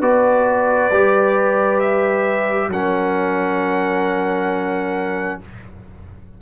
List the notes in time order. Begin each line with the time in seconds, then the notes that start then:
0.00 B3 F#4 B4 D5
0.90 G3 G4
1.80 E5
2.68 F#3 C#4 A#4 F#5